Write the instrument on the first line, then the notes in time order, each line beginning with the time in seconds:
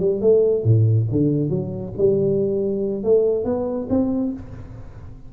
tuba
0.00 G3
0.21 A3
0.64 A2
1.12 D3
1.50 F#3
1.98 G3
3.04 A3
3.45 B3
3.90 C4